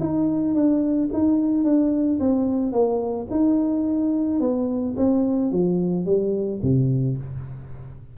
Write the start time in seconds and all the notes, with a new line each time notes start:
0.00 D#4
0.55 D4
1.13 D#4
1.64 D4
2.20 C4
2.72 A#3
3.31 D#4
4.40 B3
4.97 C4
5.51 F3
6.06 G3
6.63 C3